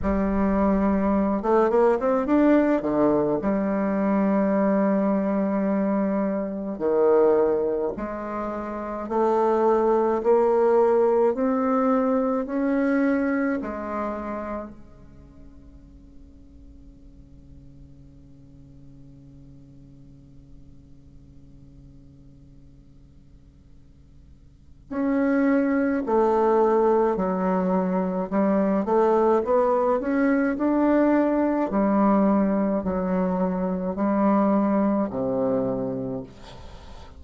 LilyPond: \new Staff \with { instrumentName = "bassoon" } { \time 4/4 \tempo 4 = 53 g4~ g16 a16 ais16 c'16 d'8 d8 g4~ | g2 dis4 gis4 | a4 ais4 c'4 cis'4 | gis4 cis2.~ |
cis1~ | cis2 cis'4 a4 | fis4 g8 a8 b8 cis'8 d'4 | g4 fis4 g4 c4 | }